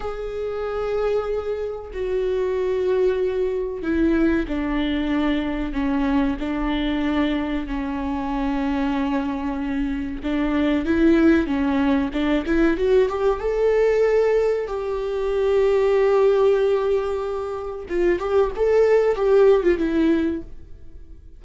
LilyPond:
\new Staff \with { instrumentName = "viola" } { \time 4/4 \tempo 4 = 94 gis'2. fis'4~ | fis'2 e'4 d'4~ | d'4 cis'4 d'2 | cis'1 |
d'4 e'4 cis'4 d'8 e'8 | fis'8 g'8 a'2 g'4~ | g'1 | f'8 g'8 a'4 g'8. f'16 e'4 | }